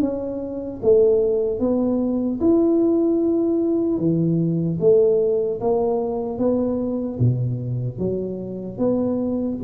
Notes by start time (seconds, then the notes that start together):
0.00 C#4
0.82 A3
1.59 B3
2.40 E4
3.98 E3
4.80 A3
5.60 A#3
6.38 B3
7.19 B2
7.98 F#3
8.77 B3